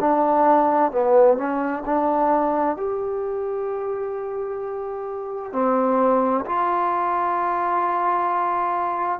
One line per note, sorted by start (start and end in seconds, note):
0.00 0.92 D4
0.92 1.37 B3
1.37 1.83 C#4
1.86 2.77 D4
2.77 5.53 G4
5.53 6.45 C4
6.46 9.20 F4